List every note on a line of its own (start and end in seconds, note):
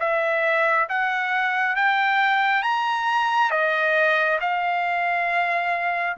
0.00 0.88 E5
0.89 1.76 F#5
1.76 2.63 G5
2.63 3.51 A#5
3.51 4.39 D#5
4.41 6.17 F5